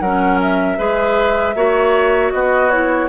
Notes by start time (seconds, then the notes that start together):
0.00 F#3 C#4 A#4 F#5
0.42 E5
0.78 G#3 G#4 B4
1.55 A#3 F#4 C#5
2.31 B3 F#4 D#5
2.70 E4 C#5